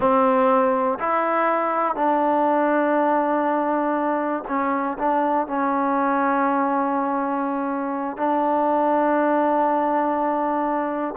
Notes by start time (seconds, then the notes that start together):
0.00 C4
0.99 E4
1.95 D4
4.48 C#4
4.98 D4
5.47 C#4
8.17 D4